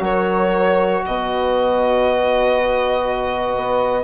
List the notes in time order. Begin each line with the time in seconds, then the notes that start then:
0.00 F#3 F#4 A#4 C#5
1.05 B2 B4 D#5
3.56 B3